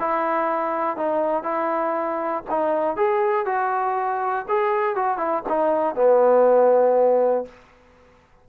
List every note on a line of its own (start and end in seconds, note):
0.00 0.97 E4
0.97 1.43 D#4
1.43 2.43 E4
2.50 2.97 D#4
2.97 3.46 G#4
3.46 4.46 F#4
4.49 4.96 G#4
4.96 5.18 F#4
5.18 5.43 E4
5.49 5.95 D#4
5.95 7.45 B3